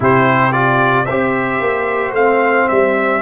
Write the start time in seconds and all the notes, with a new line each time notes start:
0.00 C3 E4 G4 C5
0.52 F4 D5
1.04 C4 G4 C5 E5
1.60 A#3
2.12 A3 C4 F5
2.68 G3 E5